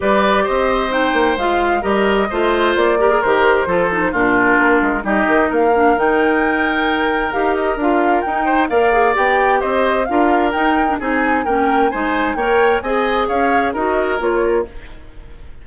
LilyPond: <<
  \new Staff \with { instrumentName = "flute" } { \time 4/4 \tempo 4 = 131 d''4 dis''4 g''4 f''4 | dis''2 d''4 c''4~ | c''4 ais'2 dis''4 | f''4 g''2. |
f''8 dis''8 f''4 g''4 f''4 | g''4 dis''4 f''4 g''4 | gis''4 g''4 gis''4 g''4 | gis''4 f''4 dis''4 cis''4 | }
  \new Staff \with { instrumentName = "oboe" } { \time 4/4 b'4 c''2. | ais'4 c''4. ais'4. | a'4 f'2 g'4 | ais'1~ |
ais'2~ ais'8 c''8 d''4~ | d''4 c''4 ais'2 | gis'4 ais'4 c''4 cis''4 | dis''4 cis''4 ais'2 | }
  \new Staff \with { instrumentName = "clarinet" } { \time 4/4 g'2 dis'4 f'4 | g'4 f'4. g'16 gis'16 g'4 | f'8 dis'8 d'2 dis'4~ | dis'8 d'8 dis'2. |
g'4 f'4 dis'4 ais'8 gis'8 | g'2 f'4 dis'8. d'16 | dis'4 cis'4 dis'4 ais'4 | gis'2 fis'4 f'4 | }
  \new Staff \with { instrumentName = "bassoon" } { \time 4/4 g4 c'4. ais8 gis4 | g4 a4 ais4 dis4 | f4 ais,4 ais8 gis8 g8 dis8 | ais4 dis2. |
dis'4 d'4 dis'4 ais4 | b4 c'4 d'4 dis'4 | c'4 ais4 gis4 ais4 | c'4 cis'4 dis'4 ais4 | }
>>